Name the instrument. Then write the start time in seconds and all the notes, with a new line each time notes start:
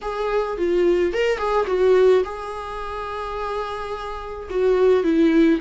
viola
0.01 G#4
0.57 F4
1.13 A#4
1.37 G#4
1.67 F#4
2.24 G#4
4.50 F#4
5.03 E4